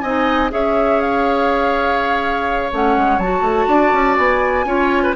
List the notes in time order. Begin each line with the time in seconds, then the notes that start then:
0.00 C4 D#4 D#5 G#5
0.49 C#4 G#4 C#5 E5
1.01 F5
2.72 A3 C#4 F#5
2.96 G#3
3.18 F#3 F#4 A5
3.41 A3
3.68 D4 D5
3.92 C#4
4.17 B3 G#5
4.64 C#4 F4 C#5
5.03 B4